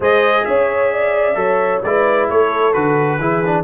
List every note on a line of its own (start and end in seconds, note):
0.00 0.45 G#3
0.00 1.35 G#4
0.00 0.46 C5
0.00 0.44 D#5
0.44 1.35 C#4
0.44 0.93 C#5
0.44 1.82 E5
0.93 1.38 D5
1.35 1.81 F#3
1.35 1.80 A4
1.35 1.83 C#5
1.82 2.29 G#3
1.82 2.73 E4
1.82 2.29 B4
1.82 2.28 D5
2.29 2.74 A3
2.29 3.19 A4
2.29 2.73 C#5
2.73 3.19 D3
2.73 3.19 F#4
2.73 3.64 B4
3.19 3.64 E3
3.19 3.44 E4
3.19 3.64 G#4
3.45 3.64 D4